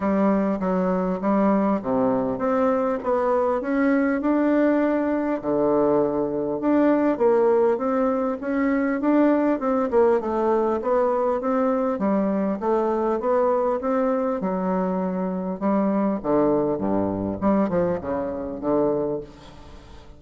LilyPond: \new Staff \with { instrumentName = "bassoon" } { \time 4/4 \tempo 4 = 100 g4 fis4 g4 c4 | c'4 b4 cis'4 d'4~ | d'4 d2 d'4 | ais4 c'4 cis'4 d'4 |
c'8 ais8 a4 b4 c'4 | g4 a4 b4 c'4 | fis2 g4 d4 | g,4 g8 f8 cis4 d4 | }